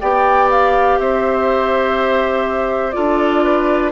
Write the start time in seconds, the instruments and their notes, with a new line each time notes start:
0.00 bassoon B3, clarinet G4, oboe D5, flute G5
0.50 flute F5
0.99 bassoon C4, oboe C5, flute E5
2.91 bassoon D4, clarinet F4, oboe A4, flute D5
3.43 oboe B4